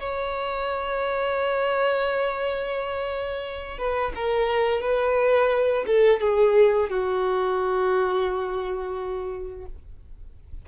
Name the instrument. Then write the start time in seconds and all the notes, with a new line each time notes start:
violin
0.00 C#5
3.78 B4
4.15 A#4
4.82 B4
5.87 A4
6.21 G#4
6.90 F#4